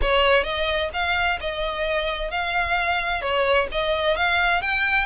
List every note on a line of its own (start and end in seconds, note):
0.01 0.43 C#5
0.43 0.89 D#5
0.93 1.39 F5
1.40 2.30 D#5
2.30 3.21 F5
3.21 3.67 C#5
3.71 4.16 D#5
4.16 4.61 F5
4.61 5.06 G5